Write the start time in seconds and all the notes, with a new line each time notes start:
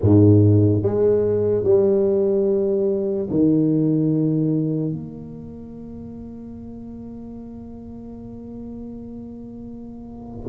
0.01 G#2
0.82 G#3
1.64 G3
3.30 D#3
4.92 A#3